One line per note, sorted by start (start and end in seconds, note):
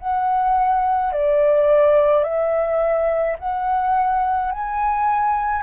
0.00 1.13 F#5
1.13 2.24 D5
2.24 3.38 E5
3.39 4.52 F#5
4.52 5.63 G#5